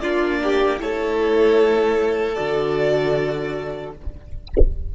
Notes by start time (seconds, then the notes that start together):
0.00 A#3 D4 F4 D5
0.43 G4
0.78 A3 E4 A4 C#5
2.34 D3 F#4 D5